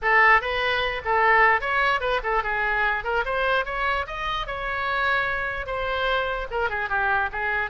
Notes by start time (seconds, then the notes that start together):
0.02 A4
0.41 B4
1.04 A4
1.61 C#5
2.00 B4
2.23 A4
2.43 G#4
3.04 A#4
3.25 C5
3.65 C#5
4.07 D#5
4.46 C#5
5.66 C5
6.50 A#4
6.69 G#4
6.89 G4
7.32 G#4